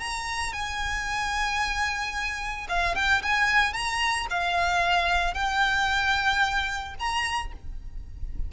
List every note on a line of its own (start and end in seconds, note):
0.00 0.53 A#5
0.53 2.67 G#5
2.69 2.96 F5
2.96 3.22 G5
3.22 3.74 G#5
3.74 4.27 A#5
4.30 5.34 F5
5.34 6.95 G5
6.99 7.53 A#5